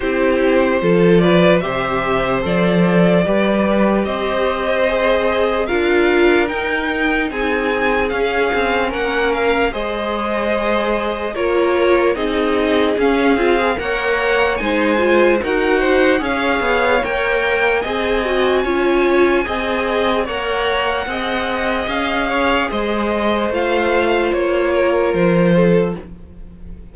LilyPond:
<<
  \new Staff \with { instrumentName = "violin" } { \time 4/4 \tempo 4 = 74 c''4. d''8 e''4 d''4~ | d''4 dis''2 f''4 | g''4 gis''4 f''4 fis''8 f''8 | dis''2 cis''4 dis''4 |
f''4 fis''4 gis''4 fis''4 | f''4 g''4 gis''2~ | gis''4 fis''2 f''4 | dis''4 f''4 cis''4 c''4 | }
  \new Staff \with { instrumentName = "violin" } { \time 4/4 g'4 a'8 b'8 c''2 | b'4 c''2 ais'4~ | ais'4 gis'2 ais'4 | c''2 ais'4 gis'4~ |
gis'4 cis''4 c''4 ais'8 c''8 | cis''2 dis''4 cis''4 | dis''4 cis''4 dis''4. cis''8 | c''2~ c''8 ais'4 a'8 | }
  \new Staff \with { instrumentName = "viola" } { \time 4/4 e'4 f'4 g'4 a'4 | g'2 gis'4 f'4 | dis'2 cis'2 | gis'2 f'4 dis'4 |
cis'8 f'16 gis'16 ais'4 dis'8 f'8 fis'4 | gis'4 ais'4 gis'8 fis'8 f'4 | gis'4 ais'4 gis'2~ | gis'4 f'2. | }
  \new Staff \with { instrumentName = "cello" } { \time 4/4 c'4 f4 c4 f4 | g4 c'2 d'4 | dis'4 c'4 cis'8 c'8 ais4 | gis2 ais4 c'4 |
cis'8 c'8 ais4 gis4 dis'4 | cis'8 b8 ais4 c'4 cis'4 | c'4 ais4 c'4 cis'4 | gis4 a4 ais4 f4 | }
>>